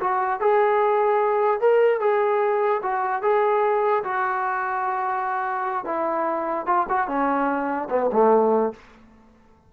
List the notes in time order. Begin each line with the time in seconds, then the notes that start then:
0.00 F#4
0.40 G#4
1.61 A#4
2.00 G#4
2.83 F#4
3.22 G#4
4.04 F#4
5.85 E4
6.66 F4
6.89 F#4
7.08 C#4
7.90 B3
8.12 A3